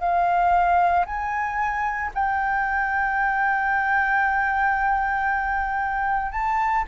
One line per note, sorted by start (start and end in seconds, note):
0.00 1.05 F5
1.06 2.11 G#5
2.14 6.32 G5
6.32 6.84 A5